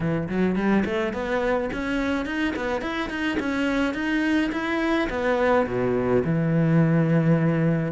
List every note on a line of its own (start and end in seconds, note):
0.00 0.28 E3
0.28 0.55 F#3
0.55 0.83 G3
0.85 1.13 A3
1.13 1.69 B3
1.72 2.25 C#4
2.25 2.53 D#4
2.55 2.81 B3
2.81 3.09 E4
3.09 3.37 D#4
3.39 3.94 C#4
3.94 4.50 D#4
4.51 5.08 E4
5.09 5.66 B3
5.66 6.23 B2
6.24 7.92 E3